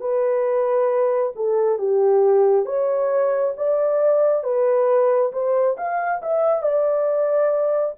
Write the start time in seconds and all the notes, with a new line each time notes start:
0.00 B4
1.36 A4
1.78 G4
2.65 C#5
3.57 D5
4.44 B4
5.32 C5
5.77 F5
6.22 E5
6.62 D5